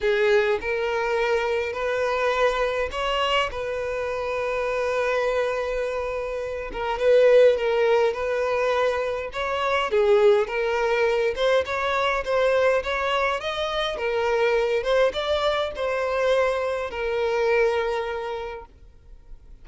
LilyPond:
\new Staff \with { instrumentName = "violin" } { \time 4/4 \tempo 4 = 103 gis'4 ais'2 b'4~ | b'4 cis''4 b'2~ | b'2.~ b'8 ais'8 | b'4 ais'4 b'2 |
cis''4 gis'4 ais'4. c''8 | cis''4 c''4 cis''4 dis''4 | ais'4. c''8 d''4 c''4~ | c''4 ais'2. | }